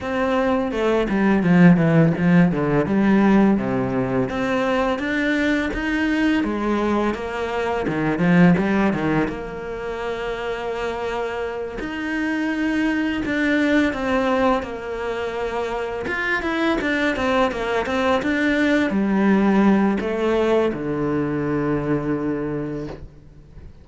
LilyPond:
\new Staff \with { instrumentName = "cello" } { \time 4/4 \tempo 4 = 84 c'4 a8 g8 f8 e8 f8 d8 | g4 c4 c'4 d'4 | dis'4 gis4 ais4 dis8 f8 | g8 dis8 ais2.~ |
ais8 dis'2 d'4 c'8~ | c'8 ais2 f'8 e'8 d'8 | c'8 ais8 c'8 d'4 g4. | a4 d2. | }